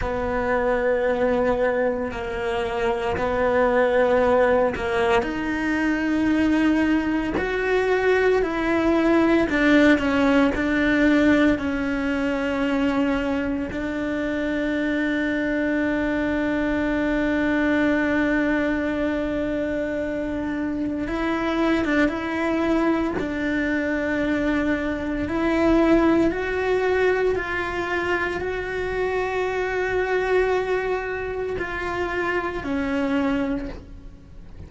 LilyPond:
\new Staff \with { instrumentName = "cello" } { \time 4/4 \tempo 4 = 57 b2 ais4 b4~ | b8 ais8 dis'2 fis'4 | e'4 d'8 cis'8 d'4 cis'4~ | cis'4 d'2.~ |
d'1 | e'8. d'16 e'4 d'2 | e'4 fis'4 f'4 fis'4~ | fis'2 f'4 cis'4 | }